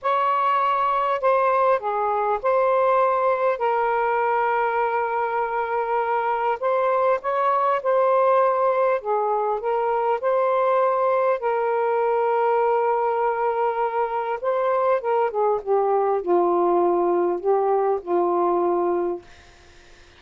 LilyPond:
\new Staff \with { instrumentName = "saxophone" } { \time 4/4 \tempo 4 = 100 cis''2 c''4 gis'4 | c''2 ais'2~ | ais'2. c''4 | cis''4 c''2 gis'4 |
ais'4 c''2 ais'4~ | ais'1 | c''4 ais'8 gis'8 g'4 f'4~ | f'4 g'4 f'2 | }